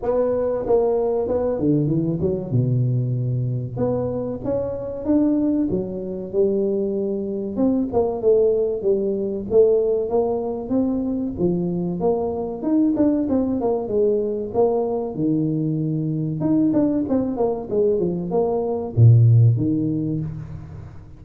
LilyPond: \new Staff \with { instrumentName = "tuba" } { \time 4/4 \tempo 4 = 95 b4 ais4 b8 d8 e8 fis8 | b,2 b4 cis'4 | d'4 fis4 g2 | c'8 ais8 a4 g4 a4 |
ais4 c'4 f4 ais4 | dis'8 d'8 c'8 ais8 gis4 ais4 | dis2 dis'8 d'8 c'8 ais8 | gis8 f8 ais4 ais,4 dis4 | }